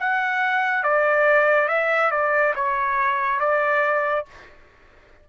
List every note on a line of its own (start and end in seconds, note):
0.00 0.83 F#5
0.83 1.68 D5
1.68 2.11 E5
2.11 2.54 D5
2.56 3.40 C#5
3.40 4.25 D5